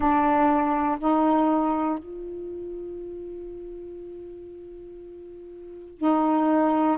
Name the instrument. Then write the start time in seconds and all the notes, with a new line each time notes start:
saxophone
0.00 D4
0.99 D#4
1.99 F4
5.98 D#4